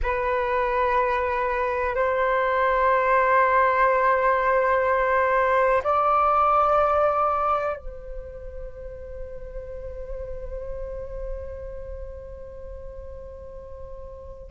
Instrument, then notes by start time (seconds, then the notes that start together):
flute
0.03 B4
1.95 C5
5.83 D5
7.76 C5